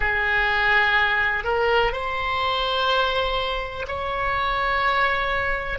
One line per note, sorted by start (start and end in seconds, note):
0.00 1.44 G#4
1.44 1.92 A#4
1.92 3.85 C5
3.87 5.78 C#5